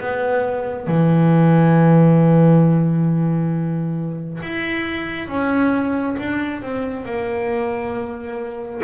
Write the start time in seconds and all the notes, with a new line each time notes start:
0.00 B3
0.87 E3
4.43 E4
5.28 C#4
6.19 D4
6.62 C4
7.05 A#3